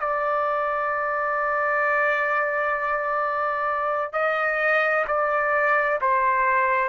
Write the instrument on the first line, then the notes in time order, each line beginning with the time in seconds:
trumpet
0.00 D5
4.13 D#5
5.07 D5
6.01 C5